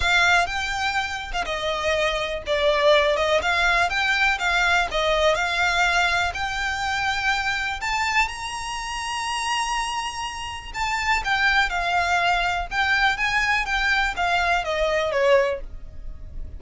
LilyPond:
\new Staff \with { instrumentName = "violin" } { \time 4/4 \tempo 4 = 123 f''4 g''4.~ g''16 f''16 dis''4~ | dis''4 d''4. dis''8 f''4 | g''4 f''4 dis''4 f''4~ | f''4 g''2. |
a''4 ais''2.~ | ais''2 a''4 g''4 | f''2 g''4 gis''4 | g''4 f''4 dis''4 cis''4 | }